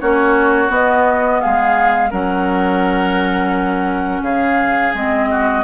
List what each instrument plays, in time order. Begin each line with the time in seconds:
0.00 bassoon A#3, clarinet C#4, oboe F#4, flute C#5
0.67 clarinet B3, bassoon B3, flute D#5
1.40 bassoon G#3, oboe G#4, flute F5
2.10 bassoon F#3, clarinet C#4, oboe A#4, flute F#5
4.21 bassoon C#3, oboe G#4, flute F5
4.94 bassoon G#3, clarinet C4, flute D#5
5.30 oboe F#4